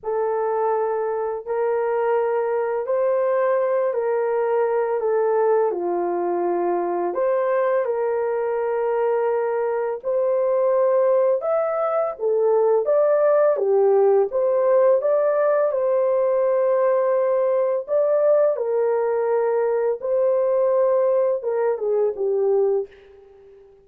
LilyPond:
\new Staff \with { instrumentName = "horn" } { \time 4/4 \tempo 4 = 84 a'2 ais'2 | c''4. ais'4. a'4 | f'2 c''4 ais'4~ | ais'2 c''2 |
e''4 a'4 d''4 g'4 | c''4 d''4 c''2~ | c''4 d''4 ais'2 | c''2 ais'8 gis'8 g'4 | }